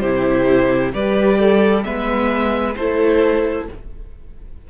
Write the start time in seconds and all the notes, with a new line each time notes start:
0.00 C3 E4 G4 C5
0.93 G3 G4 B4 D5
1.39 A4
1.84 G#3 B3 B4 E5
2.76 A3 E4 A4 C5